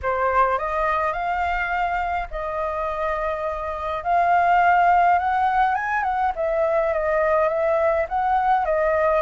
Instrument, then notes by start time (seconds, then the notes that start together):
flute
0.02 C5
0.58 D#5
1.12 F5
2.31 D#5
4.03 F5
5.18 F#5
5.74 G#5
6.03 F#5
6.35 E5
6.93 D#5
7.48 E5
8.08 F#5
8.65 D#5